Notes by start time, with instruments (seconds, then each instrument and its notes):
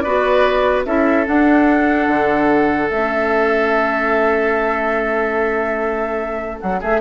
0.00 bassoon B3, clarinet F#4, oboe B4, flute D5
0.86 bassoon C#4, clarinet E4, oboe A4, flute E5
1.26 clarinet D4, bassoon D4, flute F#5
2.07 bassoon D3
2.89 bassoon A3, clarinet C#4, flute E5
6.60 bassoon F#3, flute F#5
6.80 bassoon A3, oboe G#4, flute E5